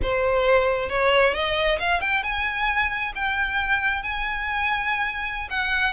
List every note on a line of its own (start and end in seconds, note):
0.02 0.89 C5
0.89 1.34 C#5
1.34 1.78 D#5
1.79 2.00 F5
2.00 2.23 G5
2.23 3.12 G#5
3.15 4.03 G5
4.03 5.48 G#5
5.50 5.93 F#5